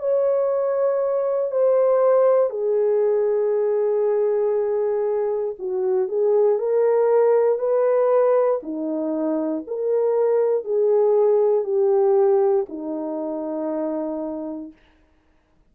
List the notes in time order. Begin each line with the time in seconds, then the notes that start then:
0.00 C#5
1.51 C5
2.50 G#4
5.59 F#4
6.08 G#4
6.59 A#4
7.59 B4
8.63 D#4
9.67 A#4
10.65 G#4
11.64 G4
12.69 D#4